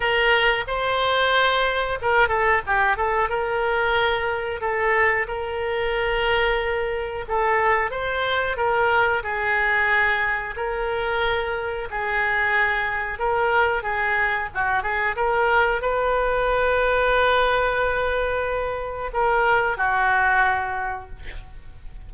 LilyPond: \new Staff \with { instrumentName = "oboe" } { \time 4/4 \tempo 4 = 91 ais'4 c''2 ais'8 a'8 | g'8 a'8 ais'2 a'4 | ais'2. a'4 | c''4 ais'4 gis'2 |
ais'2 gis'2 | ais'4 gis'4 fis'8 gis'8 ais'4 | b'1~ | b'4 ais'4 fis'2 | }